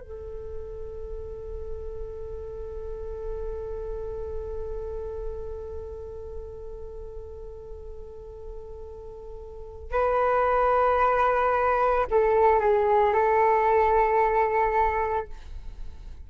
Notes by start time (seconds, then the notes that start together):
0.00 A4
9.92 B4
12.10 A4
12.59 G#4
13.13 A4